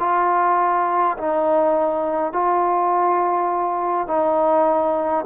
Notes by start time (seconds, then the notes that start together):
0.00 F4
1.18 D#4
2.33 F4
4.07 D#4